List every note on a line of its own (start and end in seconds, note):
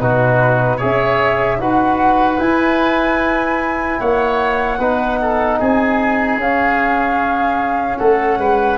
0.00 0.81 B2
0.00 0.80 D#4
0.00 0.77 F#4
0.00 0.80 B4
0.77 1.59 C#4
0.77 1.60 G#4
0.77 1.57 C#5
0.77 1.60 E5
1.59 2.39 D#4
1.59 2.38 F#4
1.59 4.00 B4
1.59 2.40 F#5
2.38 4.78 E4
2.38 4.00 E4
2.38 4.00 G#5
4.00 4.79 A#3
4.00 4.79 C#5
4.00 5.60 F#5
4.79 5.59 B3
4.79 6.41 D#4
4.79 5.19 B4
5.22 5.60 A4
5.60 6.37 C4
5.60 7.98 G#4
5.60 6.41 G#5
6.37 7.97 C#4
6.37 8.78 C#4
6.37 7.98 F5
7.98 8.38 A3
7.98 8.38 A4
7.98 8.78 F#5
8.38 8.78 G#3
8.38 8.78 B4